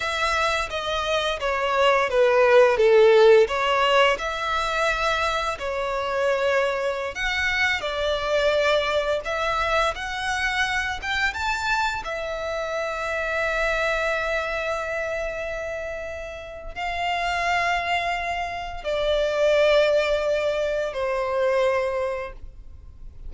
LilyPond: \new Staff \with { instrumentName = "violin" } { \time 4/4 \tempo 4 = 86 e''4 dis''4 cis''4 b'4 | a'4 cis''4 e''2 | cis''2~ cis''16 fis''4 d''8.~ | d''4~ d''16 e''4 fis''4. g''16~ |
g''16 a''4 e''2~ e''8.~ | e''1 | f''2. d''4~ | d''2 c''2 | }